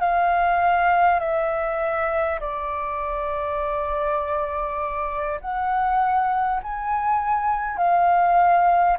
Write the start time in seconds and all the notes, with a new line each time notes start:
0.00 F5
1.19 E5
2.40 D5
5.41 F#5
6.63 G#5
7.77 F5